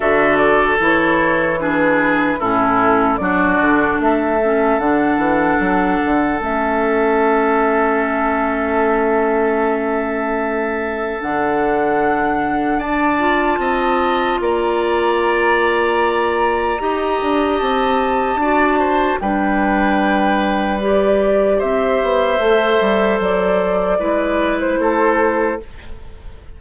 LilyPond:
<<
  \new Staff \with { instrumentName = "flute" } { \time 4/4 \tempo 4 = 75 e''8 d''8 cis''4 b'4 a'4 | d''4 e''4 fis''2 | e''1~ | e''2 fis''2 |
a''2 ais''2~ | ais''2 a''2 | g''2 d''4 e''4~ | e''4 d''4.~ d''16 c''4~ c''16 | }
  \new Staff \with { instrumentName = "oboe" } { \time 4/4 a'2 gis'4 e'4 | fis'4 a'2.~ | a'1~ | a'1 |
d''4 dis''4 d''2~ | d''4 dis''2 d''8 c''8 | b'2. c''4~ | c''2 b'4 a'4 | }
  \new Staff \with { instrumentName = "clarinet" } { \time 4/4 fis'4 e'4 d'4 cis'4 | d'4. cis'8 d'2 | cis'1~ | cis'2 d'2~ |
d'8 f'2.~ f'8~ | f'4 g'2 fis'4 | d'2 g'2 | a'2 e'2 | }
  \new Staff \with { instrumentName = "bassoon" } { \time 4/4 d4 e2 a,4 | fis8 d8 a4 d8 e8 fis8 d8 | a1~ | a2 d2 |
d'4 c'4 ais2~ | ais4 dis'8 d'8 c'4 d'4 | g2. c'8 b8 | a8 g8 fis4 gis4 a4 | }
>>